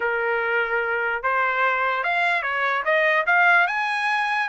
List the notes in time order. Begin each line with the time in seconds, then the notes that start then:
0.00 A#4
1.22 C5
2.03 F5
2.42 C#5
2.85 D#5
3.26 F5
3.67 G#5